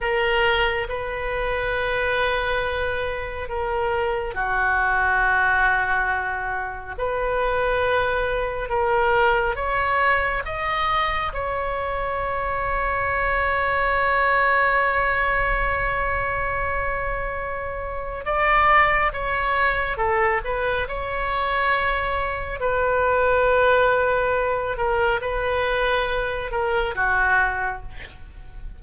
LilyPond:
\new Staff \with { instrumentName = "oboe" } { \time 4/4 \tempo 4 = 69 ais'4 b'2. | ais'4 fis'2. | b'2 ais'4 cis''4 | dis''4 cis''2.~ |
cis''1~ | cis''4 d''4 cis''4 a'8 b'8 | cis''2 b'2~ | b'8 ais'8 b'4. ais'8 fis'4 | }